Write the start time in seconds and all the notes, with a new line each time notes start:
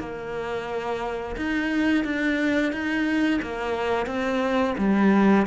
0.00 A#3
1.37 D#4
2.05 D4
2.73 D#4
3.42 A#3
4.07 C4
4.79 G3